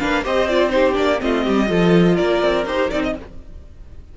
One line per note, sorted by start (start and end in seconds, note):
0.00 0.26 A#3
0.00 0.24 D4
0.00 0.24 B4
0.00 0.24 F5
0.24 0.97 C4
0.24 0.48 G4
0.24 0.72 C5
0.24 0.49 D#5
0.49 0.70 F4
0.49 0.70 D5
0.70 0.93 D#4
0.70 1.23 G4
0.70 0.94 C5
0.93 1.21 A#3
0.93 1.17 D4
0.93 1.21 D5
1.19 1.47 A3
1.19 1.67 C4
1.19 1.44 F4
1.19 2.17 D#5
1.44 1.70 G3
1.44 1.68 G4
1.67 2.19 F3
1.67 2.64 F4
1.67 2.16 A4
2.16 2.43 A#3
2.16 3.12 A#4
2.16 2.65 D5
2.43 2.66 C4
2.66 2.90 D#4
2.66 2.91 G4
2.66 2.91 C5
2.91 3.17 C4
2.91 3.15 D#4
2.91 3.03 D5
3.03 3.15 D#5